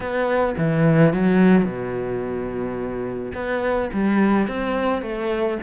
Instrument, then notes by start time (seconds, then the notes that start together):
cello
0.00 B3
0.57 E3
1.13 F#3
1.64 B2
3.34 B3
3.93 G3
4.48 C4
5.02 A3